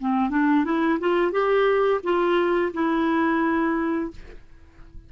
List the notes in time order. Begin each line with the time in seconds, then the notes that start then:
0.00 C4
0.30 D4
0.65 E4
1.00 F4
1.32 G4
2.03 F4
2.73 E4